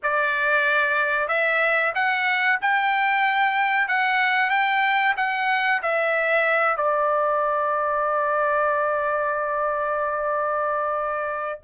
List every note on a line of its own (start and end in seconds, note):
0.02 1.28 D5
1.28 1.92 E5
1.94 2.59 F#5
2.61 3.87 G5
3.87 4.50 F#5
4.50 5.14 G5
5.16 5.81 F#5
5.82 6.76 E5
6.76 11.60 D5